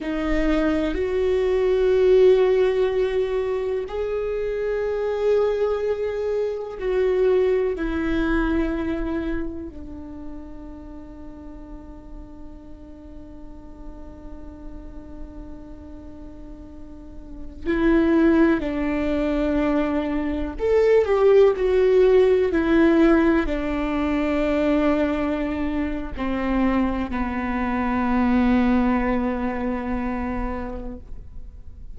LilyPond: \new Staff \with { instrumentName = "viola" } { \time 4/4 \tempo 4 = 62 dis'4 fis'2. | gis'2. fis'4 | e'2 d'2~ | d'1~ |
d'2~ d'16 e'4 d'8.~ | d'4~ d'16 a'8 g'8 fis'4 e'8.~ | e'16 d'2~ d'8. c'4 | b1 | }